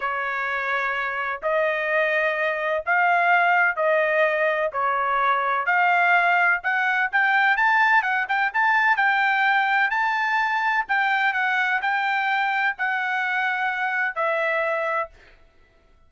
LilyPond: \new Staff \with { instrumentName = "trumpet" } { \time 4/4 \tempo 4 = 127 cis''2. dis''4~ | dis''2 f''2 | dis''2 cis''2 | f''2 fis''4 g''4 |
a''4 fis''8 g''8 a''4 g''4~ | g''4 a''2 g''4 | fis''4 g''2 fis''4~ | fis''2 e''2 | }